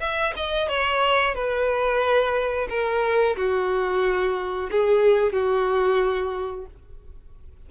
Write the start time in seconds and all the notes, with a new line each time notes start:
0.00 E5
0.36 D#5
0.68 C#5
1.34 B4
2.69 A#4
3.36 F#4
4.71 G#4
5.32 F#4